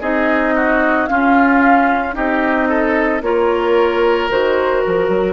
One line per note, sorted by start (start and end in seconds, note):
0.00 1.08 C4
0.00 1.08 D#4
0.00 0.54 G#4
0.00 1.06 D#5
0.55 1.09 F#4
1.06 2.13 C#4
1.06 2.16 C#4
1.06 2.15 F4
1.06 2.13 F5
2.13 3.21 C4
2.13 3.20 D#4
2.13 2.68 G4
2.13 3.22 D#5
2.68 3.22 A4
3.21 4.29 A#3
3.21 4.30 F4
3.21 5.33 A#4
3.21 4.29 C#5
4.30 4.84 D#3
4.30 5.33 F#4
4.30 4.81 C5
4.81 5.08 F3
4.81 5.33 A#4
5.08 5.33 F#3